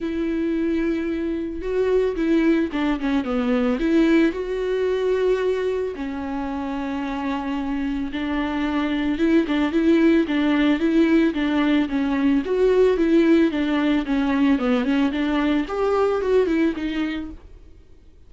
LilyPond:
\new Staff \with { instrumentName = "viola" } { \time 4/4 \tempo 4 = 111 e'2. fis'4 | e'4 d'8 cis'8 b4 e'4 | fis'2. cis'4~ | cis'2. d'4~ |
d'4 e'8 d'8 e'4 d'4 | e'4 d'4 cis'4 fis'4 | e'4 d'4 cis'4 b8 cis'8 | d'4 g'4 fis'8 e'8 dis'4 | }